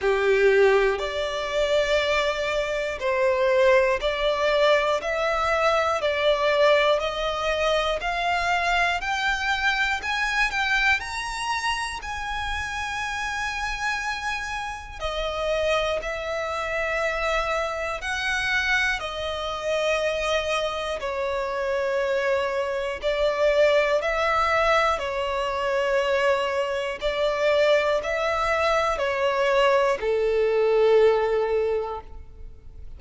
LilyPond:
\new Staff \with { instrumentName = "violin" } { \time 4/4 \tempo 4 = 60 g'4 d''2 c''4 | d''4 e''4 d''4 dis''4 | f''4 g''4 gis''8 g''8 ais''4 | gis''2. dis''4 |
e''2 fis''4 dis''4~ | dis''4 cis''2 d''4 | e''4 cis''2 d''4 | e''4 cis''4 a'2 | }